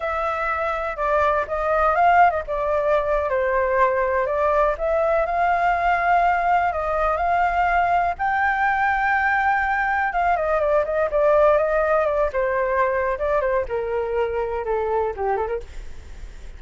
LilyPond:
\new Staff \with { instrumentName = "flute" } { \time 4/4 \tempo 4 = 123 e''2 d''4 dis''4 | f''8. dis''16 d''4.~ d''16 c''4~ c''16~ | c''8. d''4 e''4 f''4~ f''16~ | f''4.~ f''16 dis''4 f''4~ f''16~ |
f''8. g''2.~ g''16~ | g''8. f''8 dis''8 d''8 dis''8 d''4 dis''16~ | dis''8. d''8 c''4.~ c''16 d''8 c''8 | ais'2 a'4 g'8 a'16 ais'16 | }